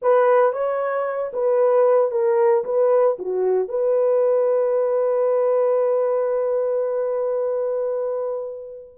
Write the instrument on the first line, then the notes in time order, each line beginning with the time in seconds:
horn
0.02 B4
0.52 C#5
1.33 B4
2.11 A#4
2.64 B4
3.18 F#4
3.68 B4